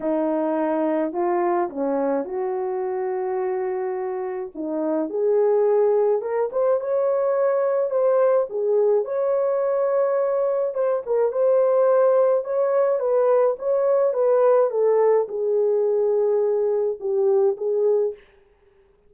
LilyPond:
\new Staff \with { instrumentName = "horn" } { \time 4/4 \tempo 4 = 106 dis'2 f'4 cis'4 | fis'1 | dis'4 gis'2 ais'8 c''8 | cis''2 c''4 gis'4 |
cis''2. c''8 ais'8 | c''2 cis''4 b'4 | cis''4 b'4 a'4 gis'4~ | gis'2 g'4 gis'4 | }